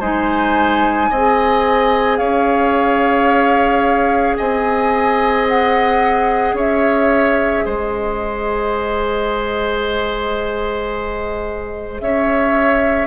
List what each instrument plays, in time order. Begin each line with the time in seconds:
0.00 bassoon G#3, clarinet D#4, oboe C5, flute G#5
1.10 bassoon C4, clarinet G#4, oboe D#5
2.17 bassoon C#4, oboe C#5, flute F5
4.37 bassoon C4, oboe D#5, flute G#5
5.48 flute F#5
6.53 bassoon C#4, oboe C#5, flute E5
7.65 bassoon G#3, oboe C5, flute D#5
12.00 bassoon C#4, oboe C#5, flute E5